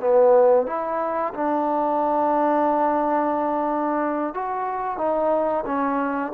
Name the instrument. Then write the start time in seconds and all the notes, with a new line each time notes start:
trombone
0.00 B3
0.67 E4
1.34 D4
4.34 F#4
4.98 D#4
5.66 C#4